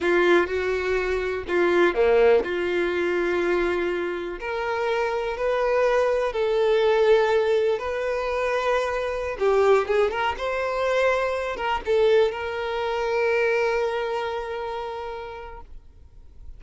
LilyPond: \new Staff \with { instrumentName = "violin" } { \time 4/4 \tempo 4 = 123 f'4 fis'2 f'4 | ais4 f'2.~ | f'4 ais'2 b'4~ | b'4 a'2. |
b'2.~ b'16 g'8.~ | g'16 gis'8 ais'8 c''2~ c''8 ais'16~ | ais'16 a'4 ais'2~ ais'8.~ | ais'1 | }